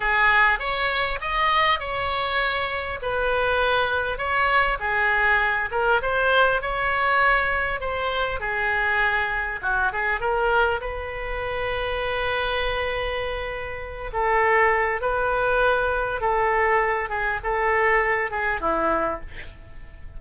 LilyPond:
\new Staff \with { instrumentName = "oboe" } { \time 4/4 \tempo 4 = 100 gis'4 cis''4 dis''4 cis''4~ | cis''4 b'2 cis''4 | gis'4. ais'8 c''4 cis''4~ | cis''4 c''4 gis'2 |
fis'8 gis'8 ais'4 b'2~ | b'2.~ b'8 a'8~ | a'4 b'2 a'4~ | a'8 gis'8 a'4. gis'8 e'4 | }